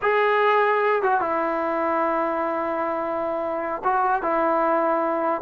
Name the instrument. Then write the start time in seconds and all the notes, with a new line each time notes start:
trombone
0.01 G#4
1.02 F#4
1.20 E4
3.83 F#4
4.22 E4